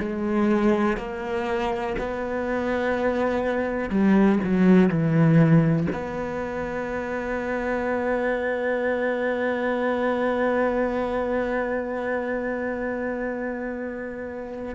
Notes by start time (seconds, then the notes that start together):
0.00 G#3
0.97 A#3
1.99 B3
3.90 G3
4.44 F#3
4.89 E3
5.93 B3